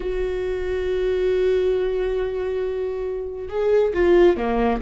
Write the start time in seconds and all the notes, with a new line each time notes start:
0.00 F#4
3.49 G#4
3.93 F4
4.37 A#3